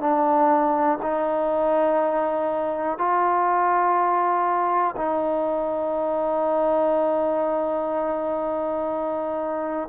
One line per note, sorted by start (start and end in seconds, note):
0.00 0.98 D4
1.02 2.98 D#4
2.98 4.94 F4
4.96 9.88 D#4